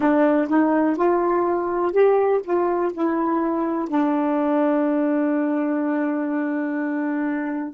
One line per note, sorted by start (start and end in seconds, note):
0.00 0.48 D4
0.48 0.96 D#4
0.96 1.92 F4
1.92 2.41 G4
2.43 2.92 F4
2.93 3.88 E4
3.88 7.74 D4